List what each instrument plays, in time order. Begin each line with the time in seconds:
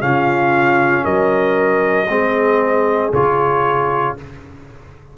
0.00 tuba C#3, trombone C#4, horn F4, trumpet F5
1.04 tuba F#3, horn A#4, trumpet D#5
2.08 tuba G#3, trombone C4, horn G#4
3.12 tuba C#3, trombone F4, trumpet C#5